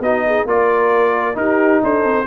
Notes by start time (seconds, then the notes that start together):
0.00 B3 D#4 F#4 D#5
0.27 G#4
0.46 A#3 F4 A#4 D5
1.35 D#4 G4 A#4
1.83 D4 A4 C5
2.04 C4